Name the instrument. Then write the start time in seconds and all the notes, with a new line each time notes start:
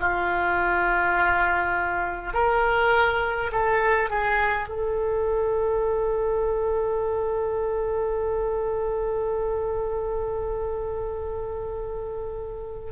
oboe
0.00 F4
2.34 A#4
3.52 A4
4.11 G#4
4.69 A4